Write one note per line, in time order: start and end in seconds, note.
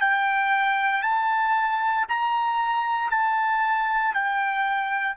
0.00 1.02 G5
1.02 2.05 A5
2.08 3.10 A#5
3.10 4.13 A5
4.13 5.16 G5